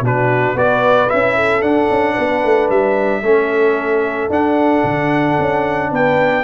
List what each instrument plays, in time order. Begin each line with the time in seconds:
0.00 tuba B2, trombone D4, horn F#4, trumpet B4
0.54 tuba B3, trombone F#4, horn B4, trumpet D5
1.09 tuba C#4, trombone E4, trumpet E5
1.35 horn A4
1.62 trombone D4, tuba D4, trumpet F#5
1.90 tuba C#4
2.13 tuba B3, horn B4
2.44 tuba A3
2.70 tuba G3, trumpet E5
3.22 tuba A3, trombone C#4, horn A4
4.29 tuba D4, trombone D4, trumpet F#5
4.84 tuba D3
5.39 tuba C#4
5.91 tuba B3, horn B4, trumpet G5